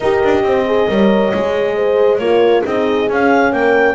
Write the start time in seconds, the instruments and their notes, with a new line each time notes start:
0.00 double bass D#4, horn G4 A#4, clarinet D#5
0.23 double bass D4
0.43 double bass C4, horn C5
0.66 horn G#4
0.88 double bass G3, horn A#4 C#5
1.34 double bass G#3, horn G#4
1.75 horn C5
2.17 double bass A#3, horn F4 A#4, clarinet C#5
2.64 double bass C4, horn D#4 G#4, clarinet D#5
3.09 double bass C#4, horn C#4, clarinet F5
3.52 double bass A#3, horn A#4, clarinet G5